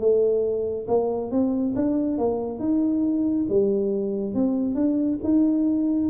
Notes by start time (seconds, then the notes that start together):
0.00 A3
0.88 A#3
1.32 C4
1.76 D4
2.18 A#3
2.60 D#4
3.50 G3
4.35 C4
4.75 D4
5.24 D#4